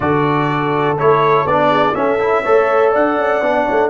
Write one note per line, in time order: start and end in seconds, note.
0.00 0.98 D3
0.00 0.97 F#4
0.00 1.70 A4
0.00 0.97 D5
0.98 1.45 A3
0.98 1.47 E4
0.98 1.46 C#5
1.45 1.94 B3
1.45 1.94 D4
1.45 1.94 D5
1.70 1.94 G#4
1.94 2.18 C#4
1.94 2.45 C#4
1.94 2.43 A4
1.94 2.92 E5
2.19 2.44 E4
2.43 2.95 A3
2.43 3.42 A4
2.43 2.91 C#5
2.91 3.18 D4
2.91 3.64 D5
2.91 3.90 F#5
3.18 3.41 C#4
3.41 3.65 B3
3.41 3.90 D4
3.65 3.90 A3
3.65 3.89 C#5